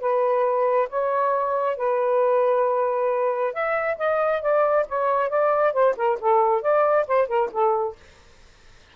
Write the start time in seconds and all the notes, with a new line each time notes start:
0.00 B4
0.89 C#5
1.76 B4
3.53 E5
3.97 D#5
4.42 D5
4.88 C#5
5.29 D5
5.73 C5
5.96 A#4
6.20 A4
6.61 D5
7.07 C5
7.27 A#4
7.52 A4